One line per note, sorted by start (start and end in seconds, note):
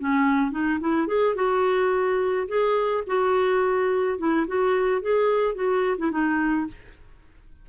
0.00 0.52 C#4
0.52 0.80 D#4
0.81 1.08 E4
1.08 1.36 G#4
1.36 2.48 F#4
2.49 3.05 G#4
3.07 4.19 F#4
4.19 4.47 E4
4.48 5.02 F#4
5.02 5.55 G#4
5.55 5.97 F#4
5.98 6.12 E4
6.12 6.68 D#4